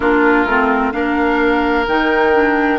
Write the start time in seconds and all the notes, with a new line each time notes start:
0.00 A#3 D4 F4 A#4
0.45 A3 C4
0.92 A#3 D4 A#4 F5
1.87 D#3 D#4 G5
2.32 D4